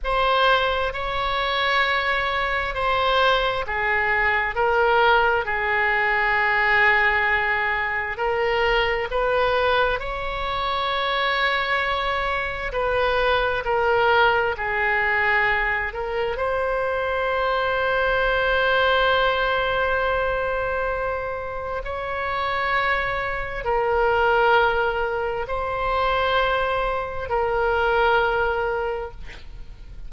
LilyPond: \new Staff \with { instrumentName = "oboe" } { \time 4/4 \tempo 4 = 66 c''4 cis''2 c''4 | gis'4 ais'4 gis'2~ | gis'4 ais'4 b'4 cis''4~ | cis''2 b'4 ais'4 |
gis'4. ais'8 c''2~ | c''1 | cis''2 ais'2 | c''2 ais'2 | }